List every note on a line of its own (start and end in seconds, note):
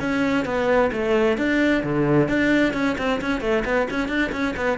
0.00 0.45 C#4
0.45 0.91 B3
0.92 1.38 A3
1.38 1.83 D4
1.83 2.28 D3
2.28 2.74 D4
2.74 2.96 C#4
2.98 3.21 C4
3.21 3.41 C#4
3.41 3.64 A3
3.65 3.88 B3
3.91 4.08 C#4
4.08 4.31 D4
4.32 4.55 C#4
4.56 4.78 B3